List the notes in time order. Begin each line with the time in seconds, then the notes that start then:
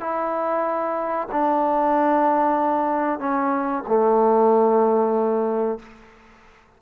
0.00 E4
1.32 D4
3.19 C#4
3.88 A3